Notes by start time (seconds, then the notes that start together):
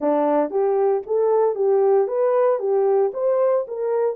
0.00 D4
0.50 G4
1.06 A4
1.55 G4
2.07 B4
2.59 G4
3.13 C5
3.67 A#4